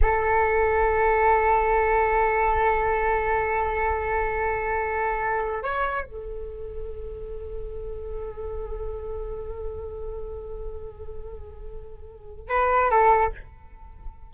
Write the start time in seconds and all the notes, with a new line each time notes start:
0.01 A4
5.62 C#5
6.04 A4
12.48 B4
12.90 A4